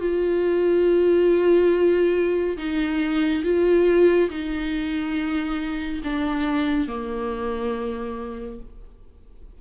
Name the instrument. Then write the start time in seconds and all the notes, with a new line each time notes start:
viola
0.00 F4
2.58 D#4
3.44 F4
4.30 D#4
6.04 D4
6.88 A#3